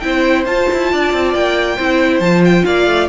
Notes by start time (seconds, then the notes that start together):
0.00 C4 E4 G5
0.06 C5
0.46 F4 A5
0.73 E4
0.93 D4 D5
1.13 C4
1.35 A#3 G5
1.76 C4 E4 C5
2.20 F3 F4 A5
2.45 G5
2.65 A#3 D5 F5
2.87 A3